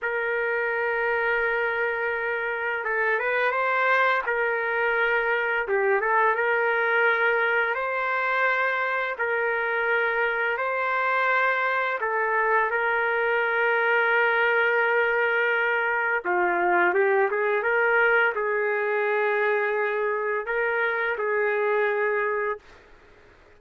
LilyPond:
\new Staff \with { instrumentName = "trumpet" } { \time 4/4 \tempo 4 = 85 ais'1 | a'8 b'8 c''4 ais'2 | g'8 a'8 ais'2 c''4~ | c''4 ais'2 c''4~ |
c''4 a'4 ais'2~ | ais'2. f'4 | g'8 gis'8 ais'4 gis'2~ | gis'4 ais'4 gis'2 | }